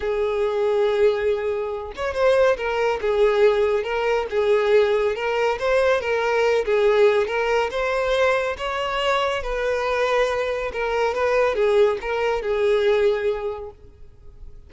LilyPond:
\new Staff \with { instrumentName = "violin" } { \time 4/4 \tempo 4 = 140 gis'1~ | gis'8 cis''8 c''4 ais'4 gis'4~ | gis'4 ais'4 gis'2 | ais'4 c''4 ais'4. gis'8~ |
gis'4 ais'4 c''2 | cis''2 b'2~ | b'4 ais'4 b'4 gis'4 | ais'4 gis'2. | }